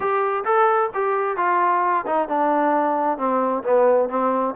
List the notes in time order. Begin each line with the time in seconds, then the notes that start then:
0.00 G4
0.44 A4
0.93 G4
1.37 F4
2.06 D#4
2.28 D4
3.18 C4
3.63 B3
4.09 C4